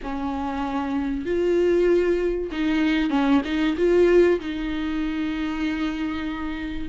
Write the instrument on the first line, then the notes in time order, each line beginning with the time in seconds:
viola
0.02 C#4
1.25 F4
2.51 D#4
3.10 C#4
3.44 D#4
3.77 F4
4.39 D#4